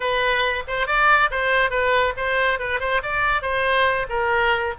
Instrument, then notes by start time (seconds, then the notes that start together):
oboe
0.00 B4
0.67 C5
0.86 D5
1.30 C5
1.70 B4
2.16 C5
2.59 B4
2.80 C5
3.02 D5
3.41 C5
4.09 A#4